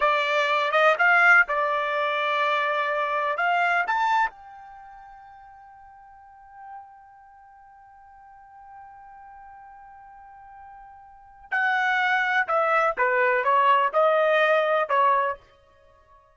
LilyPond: \new Staff \with { instrumentName = "trumpet" } { \time 4/4 \tempo 4 = 125 d''4. dis''8 f''4 d''4~ | d''2. f''4 | a''4 g''2.~ | g''1~ |
g''1~ | g''1 | fis''2 e''4 b'4 | cis''4 dis''2 cis''4 | }